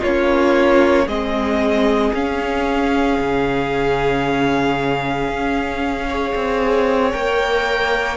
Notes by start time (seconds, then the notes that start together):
0.00 A#3 F4 C#5
0.06 C#4
1.06 G#3 C4 G#4 D#5
2.14 C#4 F5
3.19 C#3
5.29 C#4
6.09 G#4 C#5
6.35 C4
7.12 A#3 A#4 G5